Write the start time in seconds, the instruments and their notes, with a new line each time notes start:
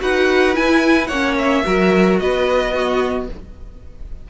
0.00 cello D#4, viola F#4, violin B4 F#5
0.54 viola E4, cello E4, violin G#5
1.07 cello A#3, viola C#4, violin C#5 F#5
1.39 violin E5
1.64 cello F#3, viola F#4, violin A#4
2.19 cello B3, violin B4 D#5
2.74 viola B3, violin F#4